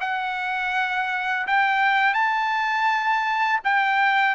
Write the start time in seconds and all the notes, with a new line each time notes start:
0.00 F#5
1.47 G5
2.14 A5
3.64 G5